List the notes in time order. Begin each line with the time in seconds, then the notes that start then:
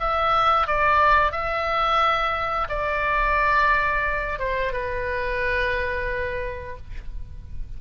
0.00 E5
0.67 D5
1.32 E5
2.69 D5
4.39 C5
4.73 B4